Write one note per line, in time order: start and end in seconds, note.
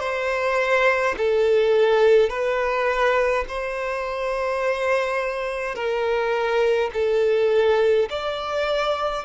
0.00 1.15 C5
1.17 2.29 A4
2.29 3.45 B4
3.48 5.75 C5
5.75 6.90 A#4
6.93 8.09 A4
8.10 9.25 D5